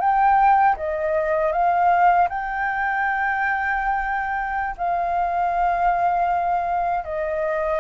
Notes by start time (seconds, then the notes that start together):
0.00 G5
0.77 D#5
1.52 F5
2.29 G5
4.77 F5
7.04 D#5